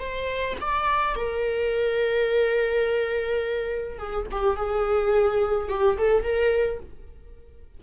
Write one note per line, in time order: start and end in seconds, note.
0.00 0.57 C5
0.61 1.16 D5
1.16 3.99 A#4
3.99 4.27 G#4
4.32 4.57 G4
4.57 5.69 G#4
5.69 5.97 G4
5.98 6.24 A4
6.24 6.80 A#4